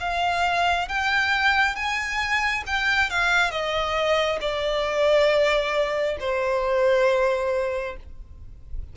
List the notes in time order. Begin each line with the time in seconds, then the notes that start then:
0.00 F5
0.88 G5
1.75 G#5
2.66 G5
3.10 F5
3.51 D#5
4.41 D5
6.20 C5